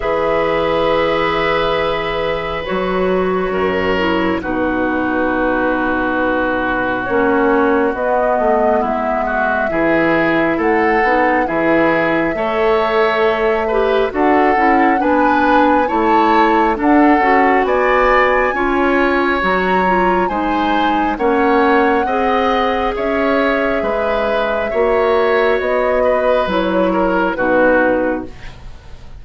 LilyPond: <<
  \new Staff \with { instrumentName = "flute" } { \time 4/4 \tempo 4 = 68 e''2. cis''4~ | cis''4 b'2. | cis''4 dis''4 e''2 | fis''4 e''2. |
fis''4 gis''4 a''4 fis''4 | gis''2 ais''4 gis''4 | fis''2 e''2~ | e''4 dis''4 cis''4 b'4 | }
  \new Staff \with { instrumentName = "oboe" } { \time 4/4 b'1 | ais'4 fis'2.~ | fis'2 e'8 fis'8 gis'4 | a'4 gis'4 cis''4. b'8 |
a'4 b'4 cis''4 a'4 | d''4 cis''2 c''4 | cis''4 dis''4 cis''4 b'4 | cis''4. b'4 ais'8 fis'4 | }
  \new Staff \with { instrumentName = "clarinet" } { \time 4/4 gis'2. fis'4~ | fis'8 e'8 dis'2. | cis'4 b2 e'4~ | e'8 dis'8 e'4 a'4. g'8 |
fis'8 e'8 d'4 e'4 d'8 fis'8~ | fis'4 f'4 fis'8 f'8 dis'4 | cis'4 gis'2. | fis'2 e'4 dis'4 | }
  \new Staff \with { instrumentName = "bassoon" } { \time 4/4 e2. fis4 | fis,4 b,2. | ais4 b8 a8 gis4 e4 | a8 b8 e4 a2 |
d'8 cis'8 b4 a4 d'8 cis'8 | b4 cis'4 fis4 gis4 | ais4 c'4 cis'4 gis4 | ais4 b4 fis4 b,4 | }
>>